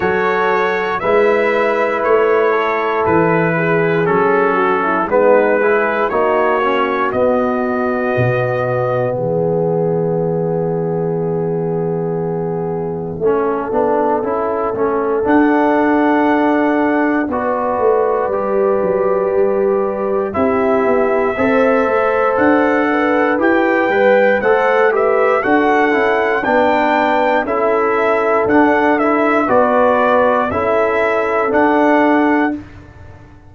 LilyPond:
<<
  \new Staff \with { instrumentName = "trumpet" } { \time 4/4 \tempo 4 = 59 cis''4 e''4 cis''4 b'4 | a'4 b'4 cis''4 dis''4~ | dis''4 e''2.~ | e''2. fis''4~ |
fis''4 d''2. | e''2 fis''4 g''4 | fis''8 e''8 fis''4 g''4 e''4 | fis''8 e''8 d''4 e''4 fis''4 | }
  \new Staff \with { instrumentName = "horn" } { \time 4/4 a'4 b'4. a'4 gis'8~ | gis'8 fis'16 e'16 dis'8 gis'8 fis'2~ | fis'4 gis'2.~ | gis'4 a'2.~ |
a'4 b'2. | g'4 c''4. b'4. | c''8 b'8 a'4 b'4 a'4~ | a'4 b'4 a'2 | }
  \new Staff \with { instrumentName = "trombone" } { \time 4/4 fis'4 e'2. | cis'4 b8 e'8 dis'8 cis'8 b4~ | b1~ | b4 cis'8 d'8 e'8 cis'8 d'4~ |
d'4 fis'4 g'2 | e'4 a'2 g'8 b'8 | a'8 g'8 fis'8 e'8 d'4 e'4 | d'8 e'8 fis'4 e'4 d'4 | }
  \new Staff \with { instrumentName = "tuba" } { \time 4/4 fis4 gis4 a4 e4 | fis4 gis4 ais4 b4 | b,4 e2.~ | e4 a8 b8 cis'8 a8 d'4~ |
d'4 b8 a8 g8 fis8 g4 | c'8 b8 c'8 a8 d'4 e'8 g8 | a4 d'8 cis'8 b4 cis'4 | d'4 b4 cis'4 d'4 | }
>>